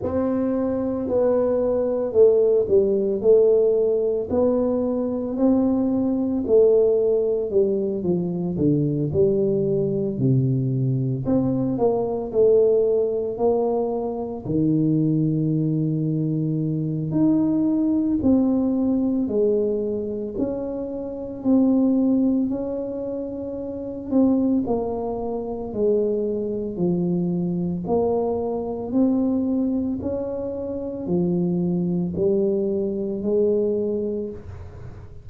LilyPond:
\new Staff \with { instrumentName = "tuba" } { \time 4/4 \tempo 4 = 56 c'4 b4 a8 g8 a4 | b4 c'4 a4 g8 f8 | d8 g4 c4 c'8 ais8 a8~ | a8 ais4 dis2~ dis8 |
dis'4 c'4 gis4 cis'4 | c'4 cis'4. c'8 ais4 | gis4 f4 ais4 c'4 | cis'4 f4 g4 gis4 | }